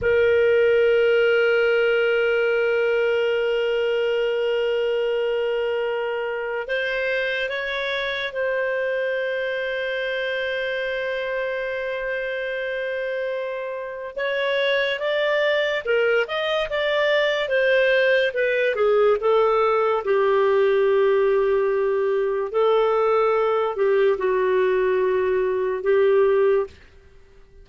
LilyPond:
\new Staff \with { instrumentName = "clarinet" } { \time 4/4 \tempo 4 = 72 ais'1~ | ais'1 | c''4 cis''4 c''2~ | c''1~ |
c''4 cis''4 d''4 ais'8 dis''8 | d''4 c''4 b'8 gis'8 a'4 | g'2. a'4~ | a'8 g'8 fis'2 g'4 | }